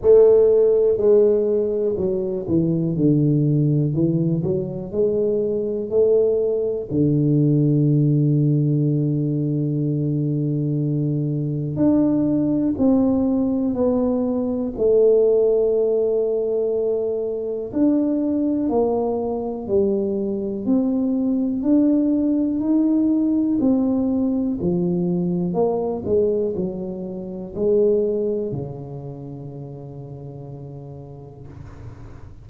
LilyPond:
\new Staff \with { instrumentName = "tuba" } { \time 4/4 \tempo 4 = 61 a4 gis4 fis8 e8 d4 | e8 fis8 gis4 a4 d4~ | d1 | d'4 c'4 b4 a4~ |
a2 d'4 ais4 | g4 c'4 d'4 dis'4 | c'4 f4 ais8 gis8 fis4 | gis4 cis2. | }